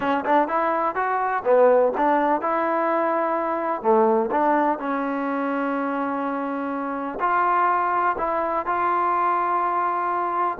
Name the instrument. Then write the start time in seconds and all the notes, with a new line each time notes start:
trombone
0.00 C#4
0.25 D4
0.47 E4
0.95 F#4
1.44 B3
1.97 D4
2.41 E4
3.82 A3
4.31 D4
4.78 C#4
7.20 F4
8.18 E4
8.66 F4